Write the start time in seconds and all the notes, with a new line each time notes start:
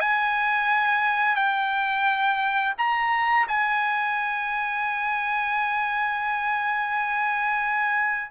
0.00 G#5
1.36 G5
2.78 A#5
3.48 G#5